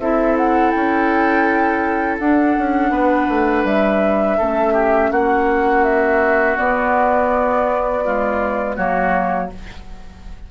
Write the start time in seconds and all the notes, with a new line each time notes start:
0.00 C4 E4 A4 E5
0.38 F#5
0.72 C#4 G5
2.20 D4 F#5
2.59 C#4
2.91 B3 B4
3.29 A3
3.65 G3 E5
4.38 A3 C#4 A4
4.74 G4
5.11 A#3 F#4 F#5
5.84 E5
6.57 B3 D5
8.04 G#3 F4
8.76 F#3 A#3 F#4 C#5